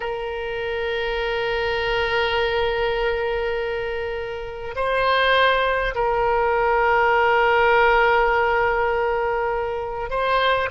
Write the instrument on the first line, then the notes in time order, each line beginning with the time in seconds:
oboe
0.00 A#4
4.75 C5
5.95 A#4
10.09 C5